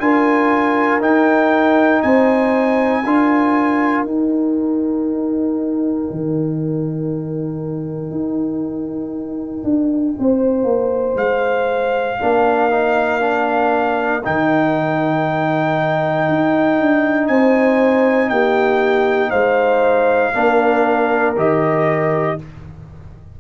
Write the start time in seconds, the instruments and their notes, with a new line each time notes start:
0.00 tuba D4, trombone F4, horn A#4, trumpet G#5
1.01 tuba D#4, trombone D#4, trumpet G5
2.03 tuba C4, horn C5, trumpet G#5
3.04 tuba D4, trombone F4, horn A#4
4.05 tuba D#4, trombone D#4, trumpet G5
6.11 tuba D#3
8.11 tuba D#4
9.64 tuba D4
10.19 tuba C4, horn C5
10.64 tuba A#3
11.15 tuba G#3, trumpet F5
12.20 tuba A#3, trombone D4, horn A#4
12.71 trombone D#4
13.21 trombone D4
14.25 tuba D#3, trombone D#4, trumpet G5
16.29 tuba D#4
16.80 tuba D4
17.28 tuba C4, horn C5, trumpet G#5
18.30 tuba A#3, horn G4, trumpet G5
19.30 tuba G#3, horn C5, trumpet F5
20.35 tuba A#3, trombone D4, horn A#4
21.36 tuba D#3, trombone G4, trumpet D#5